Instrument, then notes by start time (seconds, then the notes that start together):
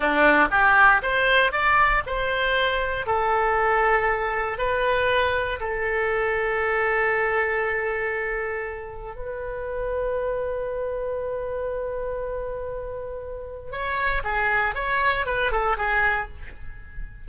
oboe
0.00 D4
0.51 G4
1.02 C5
1.52 D5
2.06 C5
3.06 A4
4.58 B4
5.60 A4
9.15 B4
13.71 C#5
14.23 G#4
14.75 C#5
15.26 B4
15.51 A4
15.77 G#4